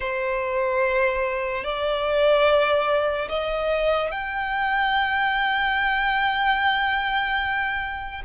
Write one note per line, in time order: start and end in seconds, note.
0.00 1.64 C5
1.64 3.28 D5
3.29 4.11 D#5
4.11 8.22 G5